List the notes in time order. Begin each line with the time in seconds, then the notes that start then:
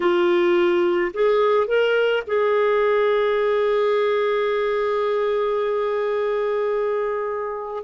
0.00 F4
1.13 G#4
1.67 A#4
2.26 G#4